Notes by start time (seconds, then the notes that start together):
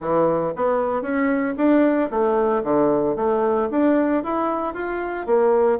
0.00 E3
0.56 B3
1.01 C#4
1.57 D4
2.10 A3
2.63 D3
3.16 A3
3.70 D4
4.23 E4
4.74 F4
5.26 A#3